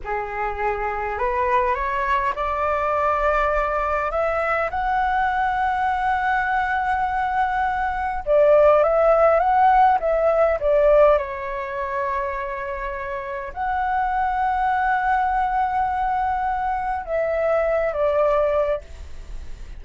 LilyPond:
\new Staff \with { instrumentName = "flute" } { \time 4/4 \tempo 4 = 102 gis'2 b'4 cis''4 | d''2. e''4 | fis''1~ | fis''2 d''4 e''4 |
fis''4 e''4 d''4 cis''4~ | cis''2. fis''4~ | fis''1~ | fis''4 e''4. d''4. | }